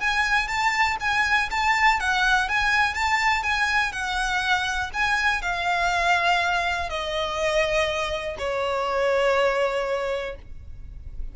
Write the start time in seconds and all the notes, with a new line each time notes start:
0.00 G#5
0.47 A5
1.00 G#5
1.50 A5
2.00 F#5
2.49 G#5
2.94 A5
3.43 G#5
3.92 F#5
4.93 G#5
5.42 F5
6.89 D#5
8.38 C#5